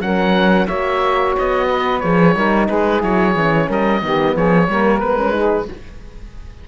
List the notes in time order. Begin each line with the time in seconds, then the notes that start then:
0.00 F#3 C#4 A#4 F#5
0.66 A#3 F#4 C#5 E5
1.38 B3 D#5
1.68 B4
2.00 F3 G#4 C#5
2.35 G3 D#4 A#4
2.67 G#3 G#4 B4
2.99 F#3 E4 C#5
3.34 E3 C#4
3.67 G3 A#4 D#5
4.01 D#3 B3 G4
4.34 F3 G#4 C#5
4.68 G3 A#3 A#4
4.99 G#3 B3 B4
5.17 C#4
5.30 D#4 G#4